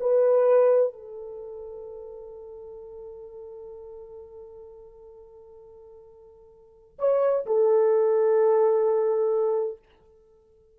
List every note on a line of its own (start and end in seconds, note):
0.00 0.93 B4
0.93 6.97 A4
6.99 7.45 C#5
7.46 9.79 A4